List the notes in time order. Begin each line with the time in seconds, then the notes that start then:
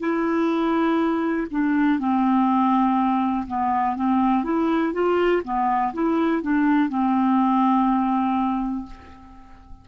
0.00 E4
1.51 D4
1.99 C4
3.48 B3
3.97 C4
4.44 E4
4.94 F4
5.44 B3
5.94 E4
6.43 D4
6.89 C4